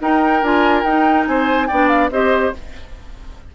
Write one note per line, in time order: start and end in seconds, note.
0.00 0.42 D#4
0.00 1.28 A#4
0.00 0.44 G5
0.42 0.83 D4
0.42 0.85 F4
0.42 0.83 G#5
0.83 1.26 D#4
0.83 1.70 D#4
0.83 1.25 G5
1.26 1.70 C4
1.26 1.68 C5
1.26 1.67 G#5
1.67 2.10 B3
1.67 2.11 D4
1.67 2.10 D5
1.67 1.88 G5
1.88 2.09 F5
2.10 2.53 C4
2.10 2.53 G4
2.10 2.55 C5
2.10 2.54 D#5